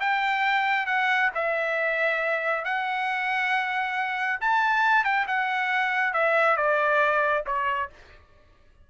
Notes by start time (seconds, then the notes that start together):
0.00 G5
0.86 F#5
1.34 E5
2.64 F#5
4.40 A5
5.04 G5
5.27 F#5
6.13 E5
6.56 D5
7.46 C#5